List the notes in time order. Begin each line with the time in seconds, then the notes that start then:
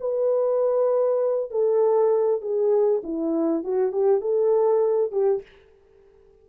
0.00 B4
1.50 A4
2.41 G#4
3.03 E4
3.63 F#4
3.92 G4
4.21 A4
5.11 G4